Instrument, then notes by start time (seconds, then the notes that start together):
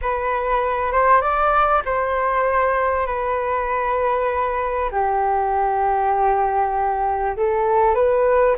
flute
0.01 B4
0.92 C5
1.21 D5
1.85 C5
3.06 B4
4.91 G4
7.36 A4
7.95 B4